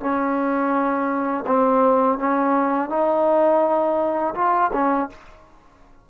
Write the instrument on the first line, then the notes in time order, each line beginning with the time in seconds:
trombone
0.00 C#4
1.47 C4
2.18 C#4
2.89 D#4
4.35 F4
4.73 C#4